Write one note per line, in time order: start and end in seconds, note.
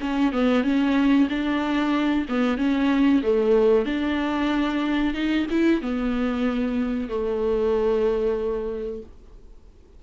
0.00 0.32 C#4
0.32 0.63 B3
0.63 1.28 C#4
1.29 2.26 D4
2.28 2.57 B3
2.57 3.22 C#4
3.23 3.85 A3
3.85 5.14 D4
5.14 5.46 D#4
5.50 5.82 E4
5.82 7.09 B3
7.09 9.02 A3